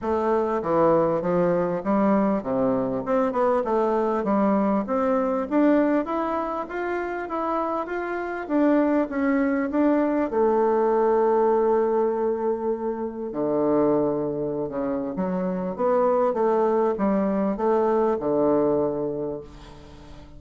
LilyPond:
\new Staff \with { instrumentName = "bassoon" } { \time 4/4 \tempo 4 = 99 a4 e4 f4 g4 | c4 c'8 b8 a4 g4 | c'4 d'4 e'4 f'4 | e'4 f'4 d'4 cis'4 |
d'4 a2.~ | a2 d2~ | d16 cis8. fis4 b4 a4 | g4 a4 d2 | }